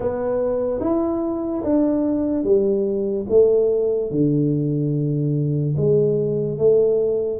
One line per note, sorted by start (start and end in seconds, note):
0.00 0.80 B3
0.80 1.62 E4
1.63 2.43 D4
2.43 3.25 G3
3.29 4.11 A3
4.11 5.75 D3
5.76 6.58 G#3
6.58 7.40 A3